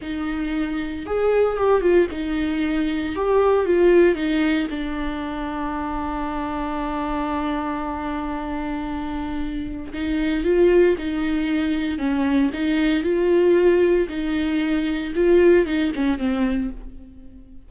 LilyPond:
\new Staff \with { instrumentName = "viola" } { \time 4/4 \tempo 4 = 115 dis'2 gis'4 g'8 f'8 | dis'2 g'4 f'4 | dis'4 d'2.~ | d'1~ |
d'2. dis'4 | f'4 dis'2 cis'4 | dis'4 f'2 dis'4~ | dis'4 f'4 dis'8 cis'8 c'4 | }